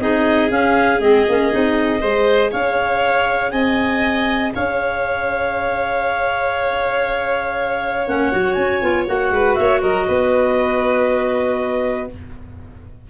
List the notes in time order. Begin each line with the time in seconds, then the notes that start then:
0.00 C4 D#4 G#4 D#5
0.50 C#4 F5
0.99 G#3 C4 D#5
1.29 A#3 C#4
1.52 C4 D#4
1.99 G#3 G#4 C5
2.51 C#4 C#5 F5
3.51 C4 D#5 G#5
4.55 C#4 C#5 F5
8.07 A#3 C#4 F#5
8.32 F#3 F#4
8.53 C#4 G#5
8.82 B3 F4
9.08 A#3 F#4 F#5
9.31 G#3 B4
9.55 A#3 C#5 E5
9.82 F#3 A#4 D#5
10.07 B3 B4